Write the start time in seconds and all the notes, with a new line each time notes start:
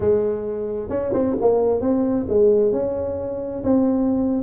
0.00 G#3
0.89 C#4
1.13 C4
1.40 A#3
1.81 C4
2.28 G#3
2.71 C#4
3.63 C4